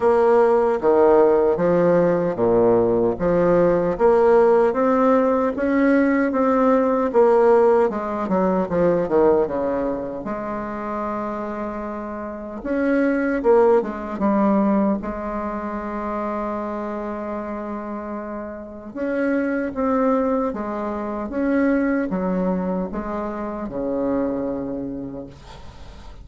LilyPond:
\new Staff \with { instrumentName = "bassoon" } { \time 4/4 \tempo 4 = 76 ais4 dis4 f4 ais,4 | f4 ais4 c'4 cis'4 | c'4 ais4 gis8 fis8 f8 dis8 | cis4 gis2. |
cis'4 ais8 gis8 g4 gis4~ | gis1 | cis'4 c'4 gis4 cis'4 | fis4 gis4 cis2 | }